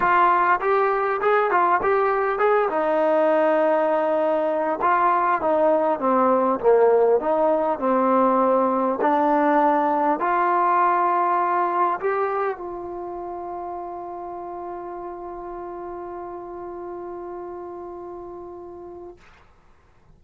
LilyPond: \new Staff \with { instrumentName = "trombone" } { \time 4/4 \tempo 4 = 100 f'4 g'4 gis'8 f'8 g'4 | gis'8 dis'2.~ dis'8 | f'4 dis'4 c'4 ais4 | dis'4 c'2 d'4~ |
d'4 f'2. | g'4 f'2.~ | f'1~ | f'1 | }